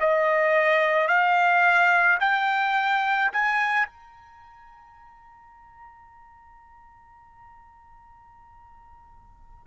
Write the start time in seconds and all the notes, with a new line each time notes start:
0.00 D#5
1.07 F5
2.20 G5
3.32 G#5
3.86 A#5